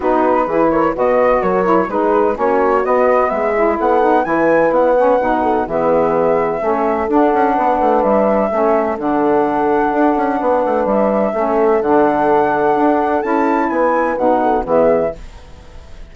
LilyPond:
<<
  \new Staff \with { instrumentName = "flute" } { \time 4/4 \tempo 4 = 127 b'4. cis''8 dis''4 cis''4 | b'4 cis''4 dis''4 e''4 | fis''4 gis''4 fis''2 | e''2. fis''4~ |
fis''4 e''2 fis''4~ | fis''2. e''4~ | e''4 fis''2. | a''4 gis''4 fis''4 e''4 | }
  \new Staff \with { instrumentName = "horn" } { \time 4/4 fis'4 gis'8 ais'8 b'4 ais'4 | gis'4 fis'2 gis'4 | a'4 b'2~ b'8 a'8 | gis'2 a'2 |
b'2 a'2~ | a'2 b'2 | a'1~ | a'4 b'4. a'8 gis'4 | }
  \new Staff \with { instrumentName = "saxophone" } { \time 4/4 dis'4 e'4 fis'4. e'8 | dis'4 cis'4 b4. e'8~ | e'8 dis'8 e'4. cis'8 dis'4 | b2 cis'4 d'4~ |
d'2 cis'4 d'4~ | d'1 | cis'4 d'2. | e'2 dis'4 b4 | }
  \new Staff \with { instrumentName = "bassoon" } { \time 4/4 b4 e4 b,4 fis4 | gis4 ais4 b4 gis4 | b4 e4 b4 b,4 | e2 a4 d'8 cis'8 |
b8 a8 g4 a4 d4~ | d4 d'8 cis'8 b8 a8 g4 | a4 d2 d'4 | cis'4 b4 b,4 e4 | }
>>